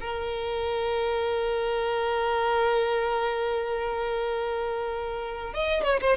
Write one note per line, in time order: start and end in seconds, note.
0.00 5.53 A#4
5.53 5.83 D#5
5.83 6.00 C#5
6.01 6.17 C5